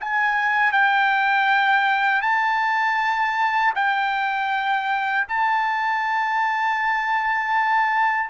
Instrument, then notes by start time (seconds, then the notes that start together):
trumpet
0.00 G#5
0.72 G5
2.22 A5
3.75 G5
5.28 A5